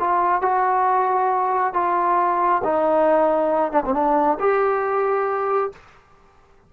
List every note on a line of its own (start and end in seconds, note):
0.00 0.42 F4
0.42 1.74 F#4
1.74 2.62 F4
2.64 3.72 D#4
3.72 3.83 D4
3.86 3.94 C4
3.94 4.39 D4
4.40 5.72 G4